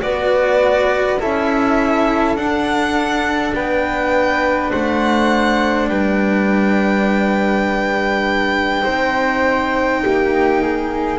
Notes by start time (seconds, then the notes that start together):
0.00 B3 F#4 B4 D5
1.20 C#4 E4 A4 E5
2.35 D4 F#5
3.54 B3 B4 G5
4.71 A3 C5 F#5
5.89 G3 B4 G5
8.82 C4 D#4 C5
10.03 A#3 G4
10.62 G#4